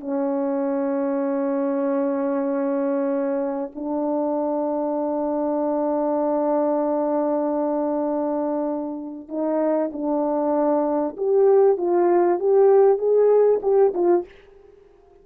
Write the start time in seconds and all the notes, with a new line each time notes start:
0.00 C#4
3.75 D4
9.29 D#4
9.92 D4
11.17 G4
11.77 F4
12.39 G4
12.98 G#4
13.62 G4
13.94 F4